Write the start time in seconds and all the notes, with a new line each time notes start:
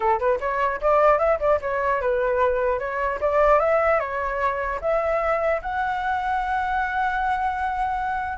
0.00 A4
0.19 B4
0.40 C#5
0.81 D5
1.18 E5
1.39 D5
1.61 C#5
2.01 B4
2.79 C#5
3.21 D5
3.59 E5
3.99 C#5
4.81 E5
5.62 F#5